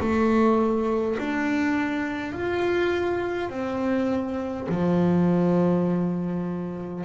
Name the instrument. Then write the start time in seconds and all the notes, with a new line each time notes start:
double bass
0.00 A3
1.19 D4
2.32 F4
3.49 C4
4.69 F3